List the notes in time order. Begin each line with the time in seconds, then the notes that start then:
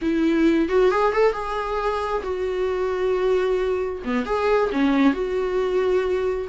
0.01 E4
0.69 F#4
0.91 G#4
1.12 A4
1.32 G#4
2.23 F#4
4.04 B3
4.25 G#4
4.72 C#4
5.13 F#4